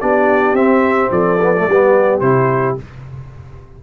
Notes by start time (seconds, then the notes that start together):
0.00 B3 D4 G4 D5
0.53 C4 E5
1.11 F3 A4 D5
1.41 B3
1.56 A3
1.67 G3 B3 G4
2.20 C3 E4 C5